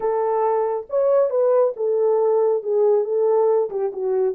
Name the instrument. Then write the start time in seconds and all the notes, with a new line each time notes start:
horn
0.00 A4
0.89 C#5
1.29 B4
1.76 A4
2.62 G#4
3.04 A4
3.70 G4
3.92 F#4